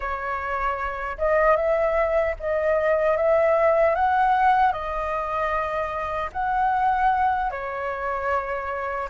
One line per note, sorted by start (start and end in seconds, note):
0.00 1.17 C#5
1.18 1.56 D#5
1.56 2.35 E5
2.39 3.16 D#5
3.16 3.95 E5
3.95 4.72 F#5
4.72 6.30 D#5
6.32 7.50 F#5
7.50 9.08 C#5